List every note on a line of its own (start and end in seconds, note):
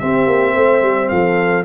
0.00 1.65 C4
0.00 0.27 C4
0.00 0.54 G4
0.00 1.09 E5
0.27 0.54 A#3
0.54 0.82 A3
0.54 1.09 C5
0.82 1.10 G3
1.09 1.65 F3
1.09 1.65 A4
1.09 1.64 F5